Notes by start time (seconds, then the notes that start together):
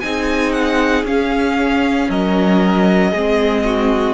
0.00 C4 D#4 G#4 G#5
0.52 F#5
1.03 C#4 F5
2.09 F#3 A#4 D#5
3.11 G#3 C4 G#4
3.65 F#4